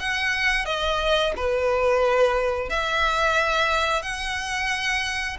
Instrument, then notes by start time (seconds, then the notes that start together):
violin
0.00 F#5
0.66 D#5
1.37 B4
2.70 E5
4.02 F#5